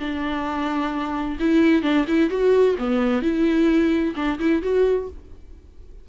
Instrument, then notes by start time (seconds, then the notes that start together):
viola
0.00 D4
1.40 E4
1.83 D4
2.08 E4
2.30 F#4
2.79 B3
3.22 E4
4.16 D4
4.40 E4
4.63 F#4